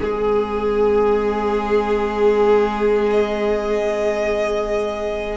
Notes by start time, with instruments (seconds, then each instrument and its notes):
0.00 cello G#3, viola C4, violin G#4
3.11 violin D#5